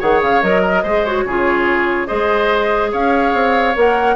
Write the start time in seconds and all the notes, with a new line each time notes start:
0.00 D#3 G#4 C#5 F#5
0.23 C#3 F5
0.43 F#3 A#4 D#5
0.62 A#4
0.83 G#3 G#4 C5
1.05 F#4 C#5
1.25 C#3 F4 G#4
2.07 G#3 G#4 C5 D#5
2.92 C#4 C#5 F5
3.34 C4
3.75 A#3 A#4 F#5